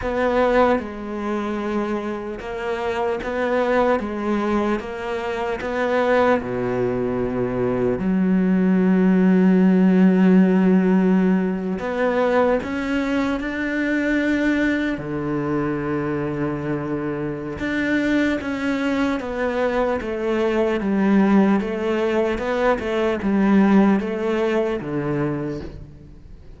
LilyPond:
\new Staff \with { instrumentName = "cello" } { \time 4/4 \tempo 4 = 75 b4 gis2 ais4 | b4 gis4 ais4 b4 | b,2 fis2~ | fis2~ fis8. b4 cis'16~ |
cis'8. d'2 d4~ d16~ | d2 d'4 cis'4 | b4 a4 g4 a4 | b8 a8 g4 a4 d4 | }